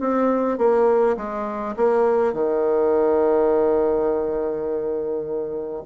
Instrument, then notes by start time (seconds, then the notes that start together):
bassoon
0.00 C4
0.58 A#3
1.17 G#3
1.76 A#3
2.33 D#3